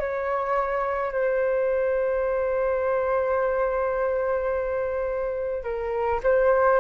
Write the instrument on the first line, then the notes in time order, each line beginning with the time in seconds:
flute
0.00 C#5
1.12 C5
5.64 A#4
6.24 C5